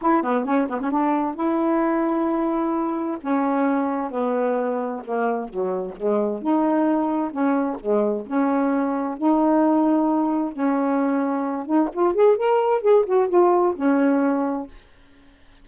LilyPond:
\new Staff \with { instrumentName = "saxophone" } { \time 4/4 \tempo 4 = 131 e'8 b8 cis'8 b16 cis'16 d'4 e'4~ | e'2. cis'4~ | cis'4 b2 ais4 | fis4 gis4 dis'2 |
cis'4 gis4 cis'2 | dis'2. cis'4~ | cis'4. dis'8 f'8 gis'8 ais'4 | gis'8 fis'8 f'4 cis'2 | }